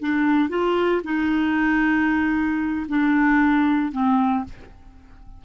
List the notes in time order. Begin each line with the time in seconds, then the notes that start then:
0.00 D4
0.49 F4
1.04 D#4
2.88 D4
3.92 C4